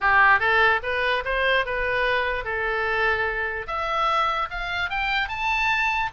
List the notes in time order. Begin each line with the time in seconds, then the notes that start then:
0.00 G4
0.39 A4
0.82 B4
1.24 C5
1.65 B4
2.44 A4
3.67 E5
4.50 F5
4.90 G5
5.28 A5